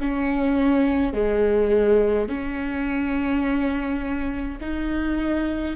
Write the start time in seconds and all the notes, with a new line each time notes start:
0.00 C#4
1.14 G#3
2.29 C#4
4.60 D#4